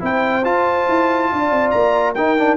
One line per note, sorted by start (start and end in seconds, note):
0.00 0.45 C4
0.00 0.43 E4
0.00 1.32 C5
0.00 0.45 G5
0.44 2.16 F4
0.44 0.87 F4
0.44 1.71 A5
0.88 1.31 E4
1.32 1.51 D4
1.32 2.16 D5
1.51 1.73 C4
1.71 2.17 A#3
1.71 2.13 A#5
2.15 2.38 D#4
2.15 2.57 D#4
2.15 2.57 A#4
2.15 2.57 G5
2.38 2.57 D4